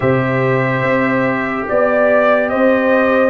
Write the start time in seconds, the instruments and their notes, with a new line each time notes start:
0.00 tuba C3, trombone G4, horn C5, trumpet E5
0.82 tuba C4
1.68 tuba B3, trumpet D5, horn D5
2.49 tuba C4, horn C5, trumpet D#5